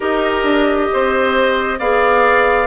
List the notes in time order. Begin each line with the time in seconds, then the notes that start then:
0.00 D#4 G4 A#4 D#5
0.43 D4
0.93 C4 C5
1.78 B3 G#4 D5 F5